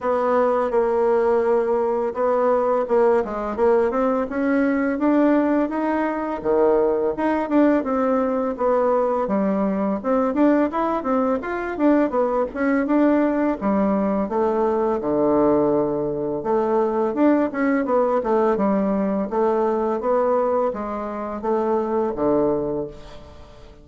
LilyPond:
\new Staff \with { instrumentName = "bassoon" } { \time 4/4 \tempo 4 = 84 b4 ais2 b4 | ais8 gis8 ais8 c'8 cis'4 d'4 | dis'4 dis4 dis'8 d'8 c'4 | b4 g4 c'8 d'8 e'8 c'8 |
f'8 d'8 b8 cis'8 d'4 g4 | a4 d2 a4 | d'8 cis'8 b8 a8 g4 a4 | b4 gis4 a4 d4 | }